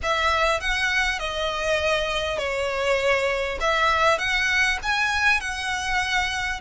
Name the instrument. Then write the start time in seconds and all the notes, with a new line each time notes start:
violin
0.02 E5
0.60 F#5
1.19 D#5
2.38 C#5
3.60 E5
4.18 F#5
4.82 G#5
5.40 F#5